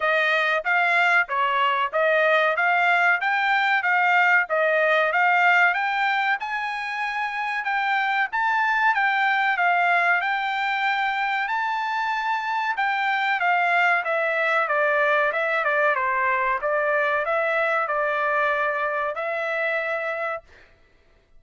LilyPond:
\new Staff \with { instrumentName = "trumpet" } { \time 4/4 \tempo 4 = 94 dis''4 f''4 cis''4 dis''4 | f''4 g''4 f''4 dis''4 | f''4 g''4 gis''2 | g''4 a''4 g''4 f''4 |
g''2 a''2 | g''4 f''4 e''4 d''4 | e''8 d''8 c''4 d''4 e''4 | d''2 e''2 | }